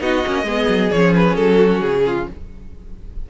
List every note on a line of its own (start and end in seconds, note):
0.00 0.24 B3
0.00 0.23 D#4
0.00 0.46 F#4
0.00 0.91 D#5
0.26 0.43 A#3
0.26 0.46 C#4
0.43 0.66 G#3
0.43 0.91 B3
0.43 1.56 G#4
0.69 0.91 F#3
0.91 1.37 F3
0.91 2.30 C#4
0.91 1.14 C#5
1.16 1.36 B4
1.36 1.82 F#3
1.36 1.81 A4
1.56 2.01 F#4
1.81 2.27 C#3
1.81 2.26 G#4
2.06 2.29 F4